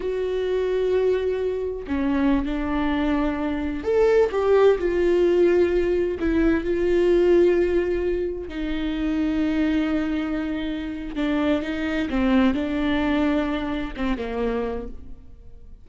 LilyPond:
\new Staff \with { instrumentName = "viola" } { \time 4/4 \tempo 4 = 129 fis'1 | cis'4~ cis'16 d'2~ d'8.~ | d'16 a'4 g'4 f'4.~ f'16~ | f'4~ f'16 e'4 f'4.~ f'16~ |
f'2~ f'16 dis'4.~ dis'16~ | dis'1 | d'4 dis'4 c'4 d'4~ | d'2 c'8 ais4. | }